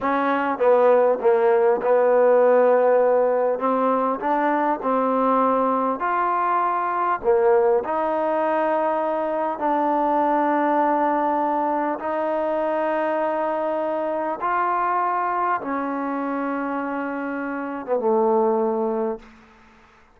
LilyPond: \new Staff \with { instrumentName = "trombone" } { \time 4/4 \tempo 4 = 100 cis'4 b4 ais4 b4~ | b2 c'4 d'4 | c'2 f'2 | ais4 dis'2. |
d'1 | dis'1 | f'2 cis'2~ | cis'4.~ cis'16 b16 a2 | }